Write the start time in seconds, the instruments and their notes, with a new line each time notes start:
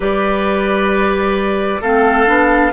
0.00 bassoon G3, clarinet G4, oboe B4, flute D5
1.81 bassoon A3, clarinet C4, oboe A4, flute F5
2.25 bassoon B3, clarinet D4